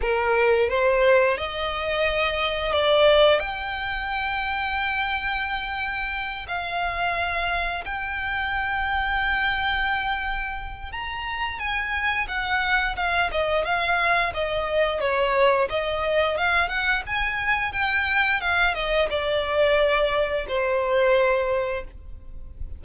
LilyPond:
\new Staff \with { instrumentName = "violin" } { \time 4/4 \tempo 4 = 88 ais'4 c''4 dis''2 | d''4 g''2.~ | g''4. f''2 g''8~ | g''1 |
ais''4 gis''4 fis''4 f''8 dis''8 | f''4 dis''4 cis''4 dis''4 | f''8 fis''8 gis''4 g''4 f''8 dis''8 | d''2 c''2 | }